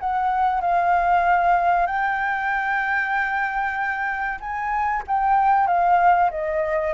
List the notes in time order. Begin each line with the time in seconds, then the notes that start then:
0.00 F#5
0.61 F5
1.87 G5
4.40 G#5
5.08 G5
5.67 F5
6.31 D#5